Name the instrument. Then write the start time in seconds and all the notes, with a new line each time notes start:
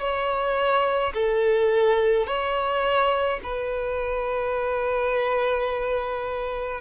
violin
0.00 C#5
1.14 A4
2.26 C#5
3.43 B4